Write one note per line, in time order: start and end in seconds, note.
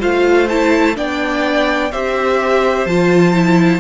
0.00 0.97 A3
0.00 0.48 F4
0.00 0.96 C5
0.00 0.48 F5
0.48 0.95 E4
0.48 0.96 A5
0.95 1.92 B3
0.95 1.90 D4
0.95 1.92 D5
0.95 1.91 G5
1.91 2.86 C4
1.91 2.88 G4
1.91 3.80 C5
1.91 2.87 E5
2.86 3.80 F3
2.86 3.33 F4
2.86 3.80 A5
3.33 3.80 E4